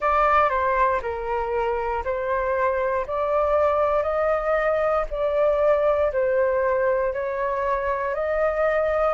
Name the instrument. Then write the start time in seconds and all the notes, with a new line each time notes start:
flute
0.00 D5
0.49 C5
1.02 A#4
2.04 C5
3.06 D5
4.03 D#5
5.10 D5
6.12 C5
7.13 C#5
8.14 D#5